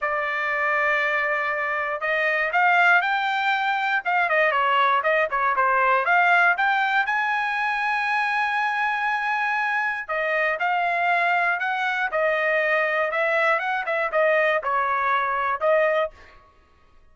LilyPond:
\new Staff \with { instrumentName = "trumpet" } { \time 4/4 \tempo 4 = 119 d''1 | dis''4 f''4 g''2 | f''8 dis''8 cis''4 dis''8 cis''8 c''4 | f''4 g''4 gis''2~ |
gis''1 | dis''4 f''2 fis''4 | dis''2 e''4 fis''8 e''8 | dis''4 cis''2 dis''4 | }